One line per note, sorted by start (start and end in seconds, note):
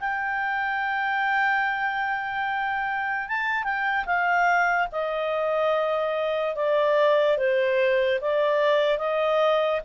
0.00 3.28 G5
3.28 3.64 A5
3.64 4.05 G5
4.06 4.88 F5
4.92 6.55 D#5
6.55 7.37 D5
7.37 8.20 C5
8.21 8.99 D5
8.99 9.81 D#5